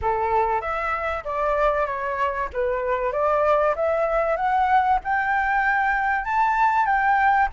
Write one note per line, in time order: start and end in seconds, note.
0.01 0.61 A4
0.61 1.23 E5
1.24 1.86 D5
1.86 2.49 C#5
2.53 3.12 B4
3.12 3.74 D5
3.75 4.36 E5
4.36 4.99 F#5
5.04 6.24 G5
6.24 6.86 A5
6.86 7.48 G5